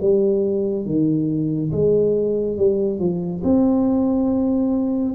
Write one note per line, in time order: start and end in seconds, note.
0.00 0.85 G3
0.85 1.71 D#3
1.71 2.57 G#3
2.57 2.99 G3
2.99 3.42 F3
3.43 5.14 C4